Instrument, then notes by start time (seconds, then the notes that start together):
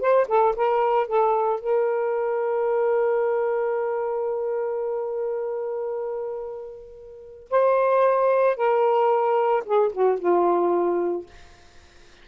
saxophone
0.00 C5
0.28 A4
0.56 A#4
1.07 A4
1.60 A#4
7.50 C5
8.56 A#4
9.66 G#4
9.93 F#4
10.19 F4